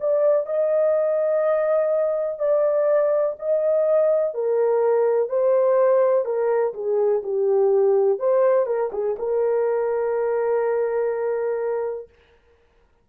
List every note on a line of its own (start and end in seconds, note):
0.00 0.46 D5
0.46 2.39 D#5
2.39 3.36 D5
3.39 4.34 D#5
4.34 5.29 A#4
5.29 6.25 C5
6.25 6.73 A#4
6.74 7.22 G#4
7.23 8.19 G4
8.19 8.66 C5
8.66 8.90 A#4
8.92 9.16 G#4
9.18 12.09 A#4